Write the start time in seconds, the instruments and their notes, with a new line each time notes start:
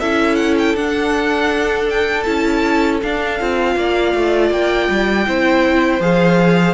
0.00 cello C#4, viola E4, violin A4 E5
0.36 violin F#5
0.58 violin G5
0.75 cello D4, viola D4, violin F#5
1.90 violin G5
2.23 cello C#4, viola E4, violin A5
3.03 viola D4, cello D4, violin F5
3.40 cello C4, viola F4
3.76 cello A#3, violin D5
4.15 cello A3
4.51 cello A#3, violin G5
4.90 cello G3
5.27 cello C4, viola E4, violin C5
6.00 cello F3, viola G#4, violin F5